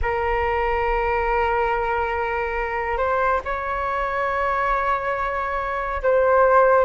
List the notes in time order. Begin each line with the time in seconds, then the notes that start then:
0.02 A#4
2.97 C5
3.44 C#5
6.02 C5